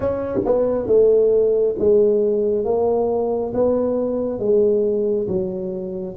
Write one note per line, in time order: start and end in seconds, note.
0.00 0.39 C#4
0.45 0.86 B3
0.86 1.74 A3
1.78 2.64 G#3
2.64 3.53 A#3
3.53 4.39 B3
4.39 5.27 G#3
5.27 6.16 F#3